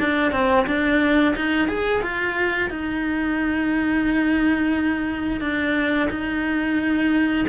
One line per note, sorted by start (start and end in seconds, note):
0.00 0.32 D4
0.32 0.66 C4
0.67 1.35 D4
1.36 1.69 D#4
1.69 2.02 G#4
2.02 2.70 F4
2.70 5.41 D#4
5.41 6.09 D4
6.10 7.46 D#4